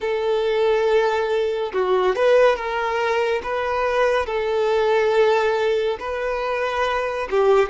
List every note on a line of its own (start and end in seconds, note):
0.00 1.72 A4
1.73 2.15 F#4
2.15 2.56 B4
2.56 3.41 A#4
3.43 4.26 B4
4.26 5.97 A4
5.99 7.28 B4
7.30 7.69 G4